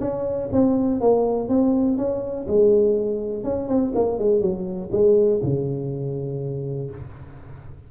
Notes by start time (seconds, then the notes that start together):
0.00 C#4
0.52 C4
1.01 A#3
1.48 C4
1.97 C#4
2.48 G#3
3.44 C#4
3.68 C4
3.95 A#3
4.18 G#3
4.41 F#3
4.92 G#3
5.43 C#3